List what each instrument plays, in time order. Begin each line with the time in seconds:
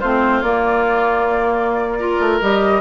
0.00 bassoon A3, clarinet C4, oboe F4, flute C5
0.42 bassoon A#3, clarinet A#3, flute D5
2.00 clarinet F4, oboe A#4
2.19 bassoon A3
2.42 bassoon G3, clarinet G4, flute D#5